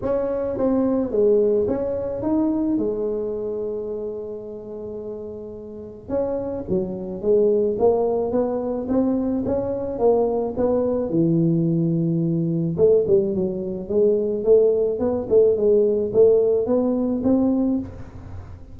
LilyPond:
\new Staff \with { instrumentName = "tuba" } { \time 4/4 \tempo 4 = 108 cis'4 c'4 gis4 cis'4 | dis'4 gis2.~ | gis2. cis'4 | fis4 gis4 ais4 b4 |
c'4 cis'4 ais4 b4 | e2. a8 g8 | fis4 gis4 a4 b8 a8 | gis4 a4 b4 c'4 | }